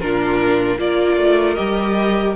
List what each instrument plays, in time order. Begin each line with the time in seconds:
0.00 cello A#2, viola D4, violin F4 A#4
0.78 cello A#3, viola F4, violin A#4 D5
1.17 cello A3
1.55 cello G3, viola G4, violin D#5